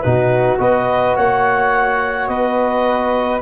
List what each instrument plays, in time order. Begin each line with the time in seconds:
0.00 tuba B2, trombone D#4, flute F#4, clarinet B4
0.58 tuba B3, trombone F#4, flute B4, clarinet D#5
1.16 tuba A#3, flute C#5, clarinet F#5
2.27 tuba B3, flute B4, clarinet D#5